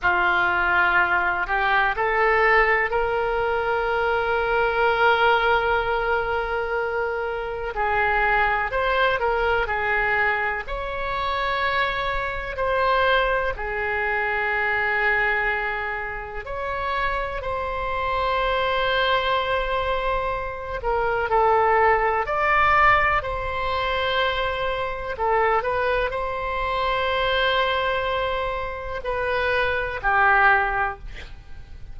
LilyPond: \new Staff \with { instrumentName = "oboe" } { \time 4/4 \tempo 4 = 62 f'4. g'8 a'4 ais'4~ | ais'1 | gis'4 c''8 ais'8 gis'4 cis''4~ | cis''4 c''4 gis'2~ |
gis'4 cis''4 c''2~ | c''4. ais'8 a'4 d''4 | c''2 a'8 b'8 c''4~ | c''2 b'4 g'4 | }